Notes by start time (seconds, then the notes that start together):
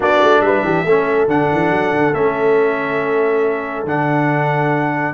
0.00 B3 D4 F#4 D5
0.23 A3
0.41 G3 B4 E5
0.62 E3 G4
0.84 A3 C#4 A4
1.27 D3 D4 F#5
1.51 E3
1.70 F#3
1.92 D3
2.14 A3 C#4 E5
3.84 D3 D4 F#5